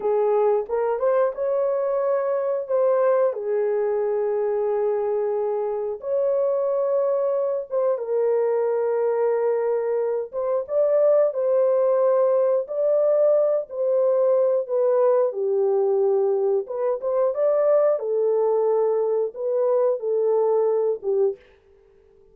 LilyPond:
\new Staff \with { instrumentName = "horn" } { \time 4/4 \tempo 4 = 90 gis'4 ais'8 c''8 cis''2 | c''4 gis'2.~ | gis'4 cis''2~ cis''8 c''8 | ais'2.~ ais'8 c''8 |
d''4 c''2 d''4~ | d''8 c''4. b'4 g'4~ | g'4 b'8 c''8 d''4 a'4~ | a'4 b'4 a'4. g'8 | }